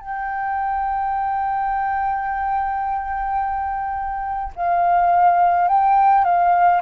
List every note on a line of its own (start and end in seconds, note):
0.00 4.53 G5
4.55 5.68 F5
5.68 6.24 G5
6.24 6.81 F5